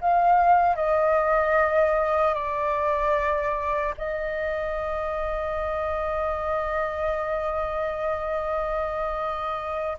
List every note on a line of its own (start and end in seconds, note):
0.00 0.75 F5
0.75 2.34 D#5
2.34 3.94 D5
3.97 9.97 D#5